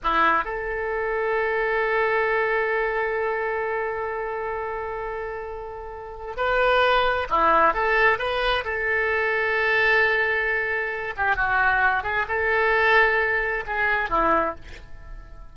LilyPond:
\new Staff \with { instrumentName = "oboe" } { \time 4/4 \tempo 4 = 132 e'4 a'2.~ | a'1~ | a'1~ | a'2 b'2 |
e'4 a'4 b'4 a'4~ | a'1~ | a'8 g'8 fis'4. gis'8 a'4~ | a'2 gis'4 e'4 | }